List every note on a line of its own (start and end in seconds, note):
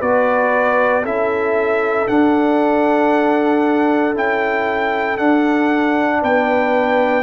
0.00 1.04 B3
0.00 1.04 F#4
0.00 1.03 B4
0.00 1.05 D5
1.03 2.08 C#4
1.03 2.08 E4
1.03 6.20 A4
1.03 2.08 E5
2.08 4.14 D4
2.08 4.16 D4
2.08 4.15 F#5
4.14 5.19 C#4
4.14 5.18 E4
4.14 5.18 G5
5.18 7.23 D4
5.18 6.22 D4
5.18 6.21 F#5
6.22 7.23 B3
6.22 7.23 B4
6.22 7.23 G5